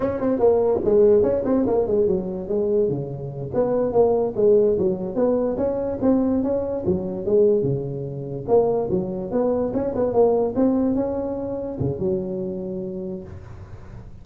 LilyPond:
\new Staff \with { instrumentName = "tuba" } { \time 4/4 \tempo 4 = 145 cis'8 c'8 ais4 gis4 cis'8 c'8 | ais8 gis8 fis4 gis4 cis4~ | cis8 b4 ais4 gis4 fis8~ | fis8 b4 cis'4 c'4 cis'8~ |
cis'8 fis4 gis4 cis4.~ | cis8 ais4 fis4 b4 cis'8 | b8 ais4 c'4 cis'4.~ | cis'8 cis8 fis2. | }